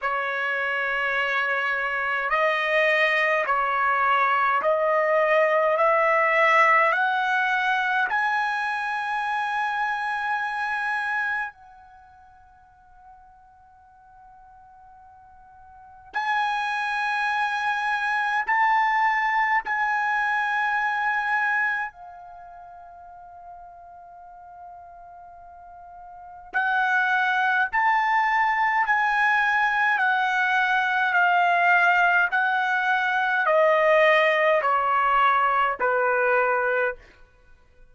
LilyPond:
\new Staff \with { instrumentName = "trumpet" } { \time 4/4 \tempo 4 = 52 cis''2 dis''4 cis''4 | dis''4 e''4 fis''4 gis''4~ | gis''2 fis''2~ | fis''2 gis''2 |
a''4 gis''2 f''4~ | f''2. fis''4 | a''4 gis''4 fis''4 f''4 | fis''4 dis''4 cis''4 b'4 | }